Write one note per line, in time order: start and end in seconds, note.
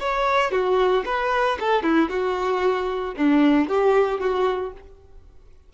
0.00 0.51 C#5
0.51 1.04 F#4
1.06 1.58 B4
1.60 1.83 A4
1.83 2.10 E4
2.10 3.15 F#4
3.17 3.68 D4
3.68 4.20 G4
4.20 4.73 F#4